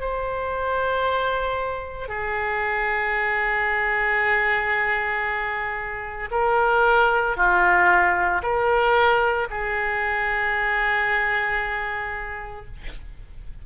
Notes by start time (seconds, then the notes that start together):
0.00 C5
2.08 G#4
6.31 A#4
7.36 F4
8.43 A#4
9.50 G#4